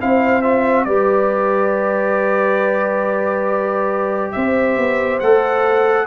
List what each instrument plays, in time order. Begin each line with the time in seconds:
0.00 tuba C4, trombone E4, horn C5, trumpet F5
0.42 trombone F4, trumpet E5
0.84 tuba G3, trombone G4, horn B4, trumpet D5
4.32 tuba C4, horn C5, trumpet E5
4.77 tuba B3
5.20 tuba A3, trombone A4, trumpet F#5